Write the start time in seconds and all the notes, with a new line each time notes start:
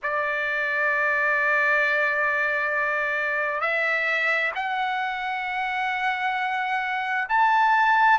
0.02 D5
3.60 E5
4.55 F#5
7.29 A5